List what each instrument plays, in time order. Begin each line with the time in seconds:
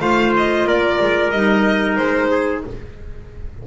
0.00 double bass A3, clarinet F4, trumpet C5, violin F5
0.37 violin D#5
0.65 double bass A#3, trumpet A#4, violin D5
1.01 double bass G#3
1.30 double bass G3, clarinet D#4, violin D#5
1.96 double bass G#3, violin C5
2.31 trumpet G#4